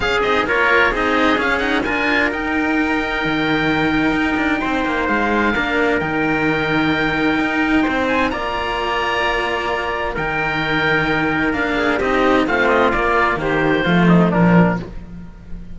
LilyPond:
<<
  \new Staff \with { instrumentName = "oboe" } { \time 4/4 \tempo 4 = 130 f''8 dis''8 cis''4 dis''4 f''8 fis''8 | gis''4 g''2.~ | g''2. f''4~ | f''4 g''2.~ |
g''4. gis''8 ais''2~ | ais''2 g''2~ | g''4 f''4 dis''4 f''8 dis''8 | d''4 c''2 ais'4 | }
  \new Staff \with { instrumentName = "trumpet" } { \time 4/4 gis'4 ais'4 gis'2 | ais'1~ | ais'2 c''2 | ais'1~ |
ais'4 c''4 d''2~ | d''2 ais'2~ | ais'4. gis'8 g'4 f'4~ | f'4 g'4 f'8 dis'8 d'4 | }
  \new Staff \with { instrumentName = "cello" } { \time 4/4 cis'8 dis'8 f'4 dis'4 cis'8 dis'8 | f'4 dis'2.~ | dis'1 | d'4 dis'2.~ |
dis'2 f'2~ | f'2 dis'2~ | dis'4 d'4 dis'4 c'4 | ais2 a4 f4 | }
  \new Staff \with { instrumentName = "cello" } { \time 4/4 cis'8 c'8 ais4 c'4 cis'4 | d'4 dis'2 dis4~ | dis4 dis'8 d'8 c'8 ais8 gis4 | ais4 dis2. |
dis'4 c'4 ais2~ | ais2 dis2~ | dis4 ais4 c'4 a4 | ais4 dis4 f4 ais,4 | }
>>